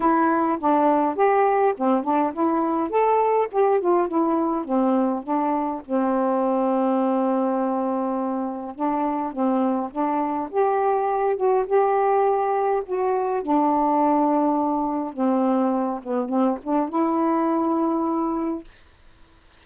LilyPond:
\new Staff \with { instrumentName = "saxophone" } { \time 4/4 \tempo 4 = 103 e'4 d'4 g'4 c'8 d'8 | e'4 a'4 g'8 f'8 e'4 | c'4 d'4 c'2~ | c'2. d'4 |
c'4 d'4 g'4. fis'8 | g'2 fis'4 d'4~ | d'2 c'4. b8 | c'8 d'8 e'2. | }